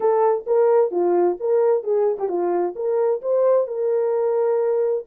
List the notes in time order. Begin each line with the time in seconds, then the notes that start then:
0.00 A4
0.46 A#4
0.91 F4
1.39 A#4
1.83 G#4
2.18 G4
2.28 F4
2.75 A#4
3.21 C5
3.67 A#4